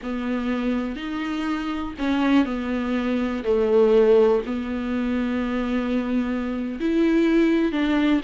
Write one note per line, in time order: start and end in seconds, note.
0.02 0.96 B3
0.96 1.94 D#4
1.98 2.45 C#4
2.45 3.43 B3
3.43 4.42 A3
4.46 6.79 B3
6.80 7.71 E4
7.71 8.21 D4